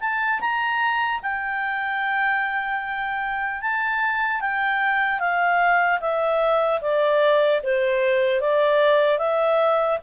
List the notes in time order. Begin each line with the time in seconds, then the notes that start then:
0.00 A5
0.40 A#5
1.22 G5
3.62 A5
4.41 G5
5.19 F5
6.00 E5
6.81 D5
7.63 C5
8.41 D5
9.19 E5